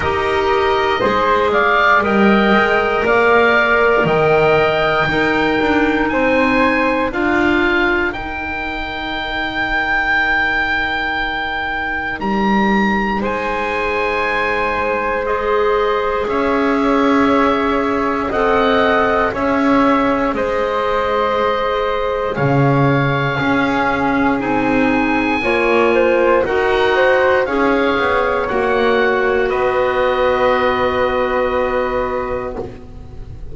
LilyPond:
<<
  \new Staff \with { instrumentName = "oboe" } { \time 4/4 \tempo 4 = 59 dis''4. f''8 g''4 f''4 | g''2 gis''4 f''4 | g''1 | ais''4 gis''2 dis''4 |
e''2 fis''4 e''4 | dis''2 f''2 | gis''2 fis''4 f''4 | fis''4 dis''2. | }
  \new Staff \with { instrumentName = "flute" } { \time 4/4 ais'4 c''8 d''8 dis''4 d''4 | dis''4 ais'4 c''4 ais'4~ | ais'1~ | ais'4 c''2. |
cis''2 dis''4 cis''4 | c''2 cis''4 gis'4~ | gis'4 cis''8 c''8 ais'8 c''8 cis''4~ | cis''4 b'2. | }
  \new Staff \with { instrumentName = "clarinet" } { \time 4/4 g'4 gis'4 ais'2~ | ais'4 dis'2 f'4 | dis'1~ | dis'2. gis'4~ |
gis'2 a'4 gis'4~ | gis'2. cis'4 | dis'4 f'4 fis'4 gis'4 | fis'1 | }
  \new Staff \with { instrumentName = "double bass" } { \time 4/4 dis'4 gis4 g8 gis8 ais4 | dis4 dis'8 d'8 c'4 d'4 | dis'1 | g4 gis2. |
cis'2 c'4 cis'4 | gis2 cis4 cis'4 | c'4 ais4 dis'4 cis'8 b8 | ais4 b2. | }
>>